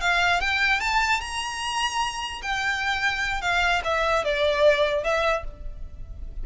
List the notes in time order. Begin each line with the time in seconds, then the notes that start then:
0.00 F5
0.40 G5
0.80 A5
1.20 A#5
2.42 G5
3.41 F5
3.84 E5
4.24 D5
5.04 E5